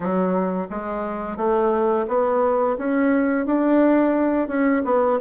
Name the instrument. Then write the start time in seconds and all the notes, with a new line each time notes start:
bassoon
0.00 F#3
0.70 G#3
1.36 A3
2.08 B3
2.77 C#4
3.45 D4
4.47 C#4
4.84 B3